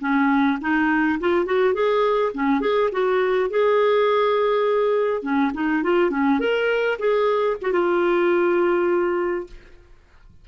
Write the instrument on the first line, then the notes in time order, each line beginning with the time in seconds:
clarinet
0.00 C#4
0.61 D#4
1.20 F4
1.45 F#4
1.74 G#4
2.34 C#4
2.61 G#4
2.92 F#4
3.50 G#4
5.22 C#4
5.54 D#4
5.83 F4
6.10 C#4
6.39 A#4
6.98 G#4
7.61 F#4
7.72 F4